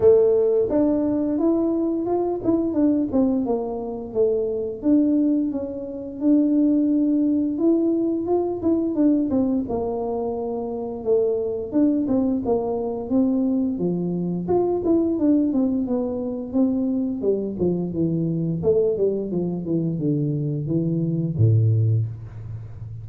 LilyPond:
\new Staff \with { instrumentName = "tuba" } { \time 4/4 \tempo 4 = 87 a4 d'4 e'4 f'8 e'8 | d'8 c'8 ais4 a4 d'4 | cis'4 d'2 e'4 | f'8 e'8 d'8 c'8 ais2 |
a4 d'8 c'8 ais4 c'4 | f4 f'8 e'8 d'8 c'8 b4 | c'4 g8 f8 e4 a8 g8 | f8 e8 d4 e4 a,4 | }